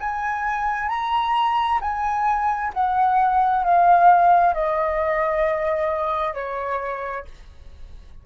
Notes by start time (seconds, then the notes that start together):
0.00 G#5
0.88 A#5
1.81 G#5
2.74 F#5
3.64 F5
4.54 D#5
6.34 C#5